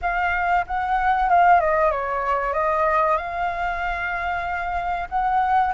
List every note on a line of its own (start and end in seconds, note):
0.01 0.65 F5
0.66 1.29 F#5
1.29 1.60 F5
1.60 1.91 D#5
1.91 2.53 C#5
2.53 3.17 D#5
3.17 5.08 F5
5.09 5.73 F#5